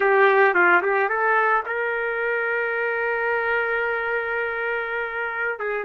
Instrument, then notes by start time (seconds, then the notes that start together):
trumpet
0.00 G4
0.54 F4
0.82 G4
1.09 A4
1.66 A#4
5.59 G#4